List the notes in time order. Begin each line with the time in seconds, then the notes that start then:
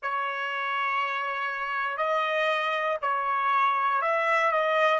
0.02 C#5
1.97 D#5
3.01 C#5
4.01 E5
4.51 D#5